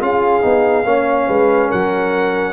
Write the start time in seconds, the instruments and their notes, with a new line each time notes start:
0.00 tuba C#4, trombone F4, horn G#4, trumpet F5
0.42 tuba B3, trombone D#4
0.85 tuba A#3, trombone C#4, horn C#5
1.28 tuba G#3, horn B4
1.68 tuba F#3, horn A#4, trumpet F#5